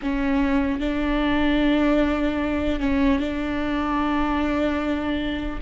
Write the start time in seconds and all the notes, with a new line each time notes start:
0.02 C#4
0.80 D4
2.79 C#4
3.19 D4